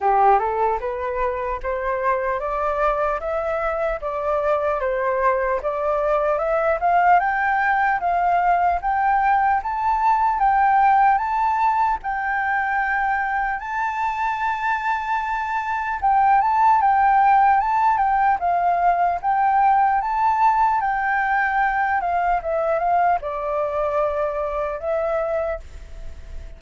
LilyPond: \new Staff \with { instrumentName = "flute" } { \time 4/4 \tempo 4 = 75 g'8 a'8 b'4 c''4 d''4 | e''4 d''4 c''4 d''4 | e''8 f''8 g''4 f''4 g''4 | a''4 g''4 a''4 g''4~ |
g''4 a''2. | g''8 a''8 g''4 a''8 g''8 f''4 | g''4 a''4 g''4. f''8 | e''8 f''8 d''2 e''4 | }